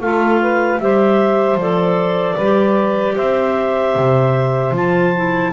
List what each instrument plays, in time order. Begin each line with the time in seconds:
0.00 double bass A3, clarinet F4 F5, saxophone A4
0.41 saxophone B4
0.79 double bass G3, clarinet G4 E5, saxophone C5
1.55 double bass F3, clarinet A4 D5
2.35 double bass G3, saxophone B4
2.42 clarinet G4
3.15 double bass C4, saxophone C5, clarinet E5
3.95 double bass C3
4.71 double bass F3, clarinet F4 A5
5.15 clarinet E4